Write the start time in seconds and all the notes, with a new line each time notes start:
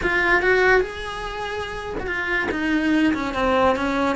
0.02 F4
0.42 F#4
0.80 G#4
1.99 F#4
2.06 F4
2.51 D#4
3.14 C#4
3.34 C4
3.75 C#4